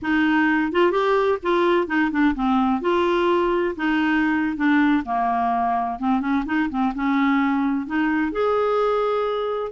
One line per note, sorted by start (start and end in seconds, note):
0.01 0.72 D#4
0.72 0.91 F4
0.91 1.38 G4
1.42 1.87 F4
1.87 2.10 D#4
2.11 2.34 D4
2.34 2.81 C4
2.81 3.75 F4
3.76 4.56 D#4
4.56 5.03 D4
5.05 5.99 A#3
5.99 6.20 C4
6.20 6.43 C#4
6.45 6.69 D#4
6.69 6.93 C4
6.94 7.86 C#4
7.86 8.32 D#4
8.32 9.72 G#4